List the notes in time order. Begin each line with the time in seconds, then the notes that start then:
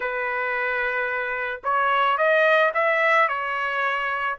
0.00 B4
1.63 C#5
2.17 D#5
2.74 E5
3.28 C#5